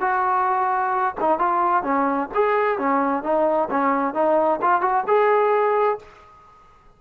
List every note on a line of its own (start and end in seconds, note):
0.00 1.15 F#4
1.20 1.38 D#4
1.38 1.83 F4
1.83 2.29 C#4
2.34 2.78 G#4
2.78 3.23 C#4
3.23 3.69 D#4
3.70 4.14 C#4
4.14 4.59 D#4
4.61 4.81 F4
4.81 5.04 F#4
5.07 5.98 G#4